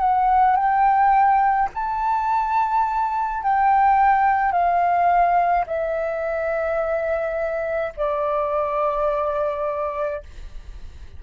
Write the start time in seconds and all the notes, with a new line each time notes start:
0.00 F#5
0.57 G5
1.74 A5
3.43 G5
4.52 F5
5.67 E5
7.97 D5